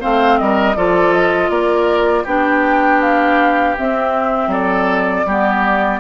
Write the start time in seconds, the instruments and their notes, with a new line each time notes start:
0.00 bassoon A3, clarinet C4, oboe C5, flute F5
0.39 bassoon G3, oboe A#4, flute D#5
0.76 bassoon F3, clarinet F4, oboe A4, flute D5
1.13 flute D#5
1.50 bassoon A#3, oboe A#4, flute D5
2.24 bassoon B3, clarinet D4, oboe G4, flute G5
3.02 flute F5
3.78 clarinet C4, bassoon C4, flute E5
4.47 bassoon F#3, oboe A4, flute D5
5.26 bassoon G3, clarinet B3, oboe G4